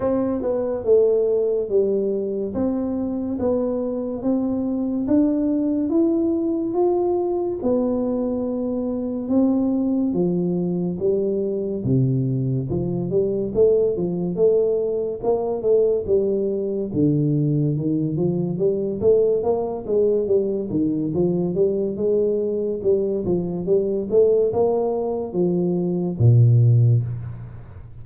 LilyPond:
\new Staff \with { instrumentName = "tuba" } { \time 4/4 \tempo 4 = 71 c'8 b8 a4 g4 c'4 | b4 c'4 d'4 e'4 | f'4 b2 c'4 | f4 g4 c4 f8 g8 |
a8 f8 a4 ais8 a8 g4 | d4 dis8 f8 g8 a8 ais8 gis8 | g8 dis8 f8 g8 gis4 g8 f8 | g8 a8 ais4 f4 ais,4 | }